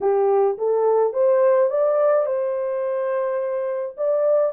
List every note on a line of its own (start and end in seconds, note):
0.01 0.57 G4
0.58 1.13 A4
1.13 1.70 C5
1.70 2.25 D5
2.25 3.95 C5
3.97 4.52 D5